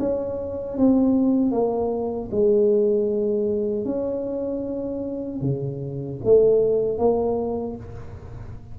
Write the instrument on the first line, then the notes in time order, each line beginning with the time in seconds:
tuba
0.00 C#4
0.78 C4
1.52 A#3
2.32 G#3
3.86 C#4
5.42 C#3
6.25 A3
6.99 A#3